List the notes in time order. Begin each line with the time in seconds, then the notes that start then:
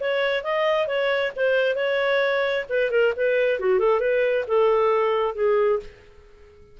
0.00 C#5
0.44 D#5
0.87 C#5
1.36 C5
1.76 C#5
2.69 B4
2.91 A#4
3.16 B4
3.60 F#4
3.79 A4
4.00 B4
4.48 A4
5.35 G#4